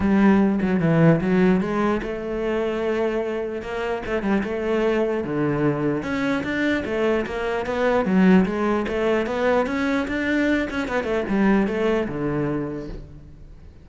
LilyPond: \new Staff \with { instrumentName = "cello" } { \time 4/4 \tempo 4 = 149 g4. fis8 e4 fis4 | gis4 a2.~ | a4 ais4 a8 g8 a4~ | a4 d2 cis'4 |
d'4 a4 ais4 b4 | fis4 gis4 a4 b4 | cis'4 d'4. cis'8 b8 a8 | g4 a4 d2 | }